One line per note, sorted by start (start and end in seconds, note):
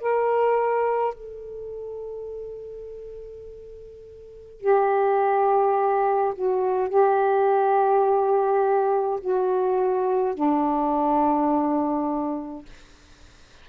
0.00 1.14 A#4
1.14 4.60 A4
4.60 6.34 G4
6.35 6.89 F#4
6.89 9.20 G4
9.20 10.35 F#4
10.35 12.66 D4